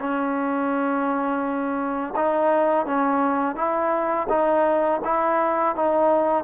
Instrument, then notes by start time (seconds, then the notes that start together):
trombone
0.00 C#4
2.16 D#4
2.86 C#4
3.56 E4
4.30 D#4
5.05 E4
5.76 D#4